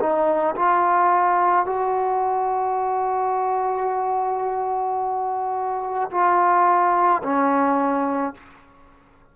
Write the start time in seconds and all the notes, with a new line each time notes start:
0.00 D#4
0.56 F4
1.66 F#4
6.12 F4
7.24 C#4